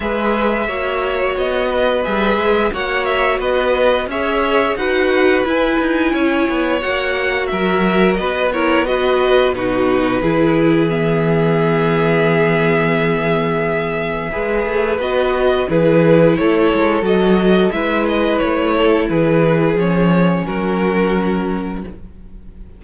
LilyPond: <<
  \new Staff \with { instrumentName = "violin" } { \time 4/4 \tempo 4 = 88 e''2 dis''4 e''4 | fis''8 e''8 dis''4 e''4 fis''4 | gis''2 fis''4 e''4 | dis''8 cis''8 dis''4 b'2 |
e''1~ | e''2 dis''4 b'4 | cis''4 dis''4 e''8 dis''8 cis''4 | b'4 cis''4 ais'2 | }
  \new Staff \with { instrumentName = "violin" } { \time 4/4 b'4 cis''4. b'4. | cis''4 b'4 cis''4 b'4~ | b'4 cis''2 ais'4 | b'8 ais'8 b'4 fis'4 gis'4~ |
gis'1~ | gis'4 b'2 gis'4 | a'2 b'4. a'8 | gis'2 fis'2 | }
  \new Staff \with { instrumentName = "viola" } { \time 4/4 gis'4 fis'2 gis'4 | fis'2 gis'4 fis'4 | e'2 fis'2~ | fis'8 e'8 fis'4 dis'4 e'4 |
b1~ | b4 gis'4 fis'4 e'4~ | e'4 fis'4 e'2~ | e'4 cis'2. | }
  \new Staff \with { instrumentName = "cello" } { \time 4/4 gis4 ais4 b4 g8 gis8 | ais4 b4 cis'4 dis'4 | e'8 dis'8 cis'8 b8 ais4 fis4 | b2 b,4 e4~ |
e1~ | e4 gis8 a8 b4 e4 | a8 gis8 fis4 gis4 a4 | e4 f4 fis2 | }
>>